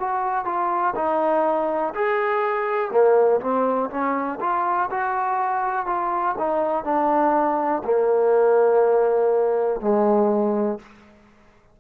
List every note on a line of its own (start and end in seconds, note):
0.00 0.45 F#4
0.45 0.94 F4
0.96 1.94 D#4
1.95 2.91 G#4
2.91 3.40 A#3
3.41 3.90 C4
3.90 4.39 C#4
4.40 4.90 F4
4.91 5.87 F#4
5.87 6.36 F4
6.39 6.85 D#4
6.85 7.83 D4
7.84 9.81 A#3
9.81 10.79 G#3